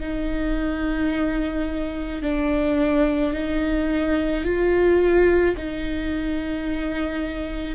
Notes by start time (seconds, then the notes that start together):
0.00 D#4
2.22 D4
3.33 D#4
4.44 F4
5.57 D#4